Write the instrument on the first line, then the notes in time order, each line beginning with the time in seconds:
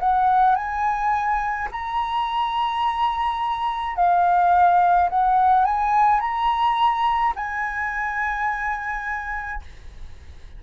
flute
0.00 F#5
0.56 G#5
1.72 A#5
3.96 F5
5.09 F#5
5.66 G#5
6.20 A#5
7.36 G#5